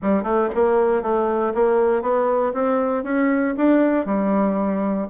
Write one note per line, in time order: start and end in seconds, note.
0.02 0.23 G3
0.23 0.48 A3
0.54 1.02 A#3
1.02 1.53 A3
1.54 2.02 A#3
2.02 2.52 B3
2.53 3.03 C4
3.03 3.54 C#4
3.57 4.05 D4
4.05 5.07 G3